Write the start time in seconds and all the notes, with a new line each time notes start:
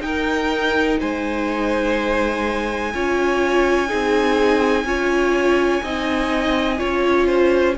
0.00 D#4 A#4 G5
0.99 G#3 C5 G#5
2.93 C#4 F4 C#5
3.87 C4 D#4 G#4
4.84 C#4 F4 C#5
5.83 C4 D#4 D#5
6.78 C#4 F4 C#5
7.26 C5